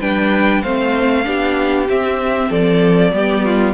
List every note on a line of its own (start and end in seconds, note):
0.00 0.63 G3
0.00 0.64 D4
0.00 0.62 B4
0.00 0.63 G5
0.62 1.26 A3
0.62 1.24 C4
0.62 1.25 C5
0.62 1.88 F5
1.24 1.89 B3
1.24 1.87 D4
1.24 2.50 G4
1.89 3.13 C4
1.89 2.51 C4
1.89 2.52 E5
2.50 3.13 F3
2.50 3.12 A4
2.50 3.74 D5
3.13 3.74 G3
3.13 3.74 B3
3.13 3.45 G4
3.45 3.74 F4